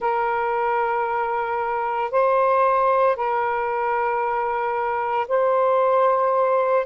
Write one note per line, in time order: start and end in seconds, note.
0.00 2.11 A#4
2.11 3.16 C5
3.16 5.26 A#4
5.28 6.86 C5